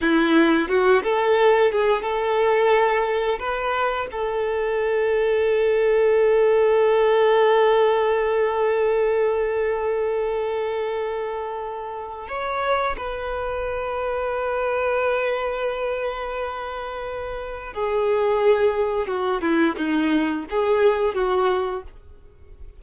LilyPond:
\new Staff \with { instrumentName = "violin" } { \time 4/4 \tempo 4 = 88 e'4 fis'8 a'4 gis'8 a'4~ | a'4 b'4 a'2~ | a'1~ | a'1~ |
a'2 cis''4 b'4~ | b'1~ | b'2 gis'2 | fis'8 e'8 dis'4 gis'4 fis'4 | }